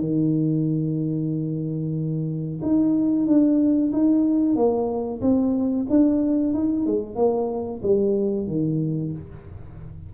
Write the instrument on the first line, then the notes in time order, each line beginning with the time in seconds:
tuba
0.00 D#3
2.62 D#4
3.27 D4
3.93 D#4
4.56 A#3
5.22 C4
5.90 D4
6.54 D#4
6.87 G#3
7.16 A#3
7.83 G3
8.48 D#3